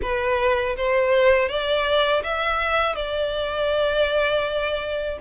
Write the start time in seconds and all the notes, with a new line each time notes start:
0.02 B4
0.76 C5
1.48 D5
2.23 E5
2.95 D5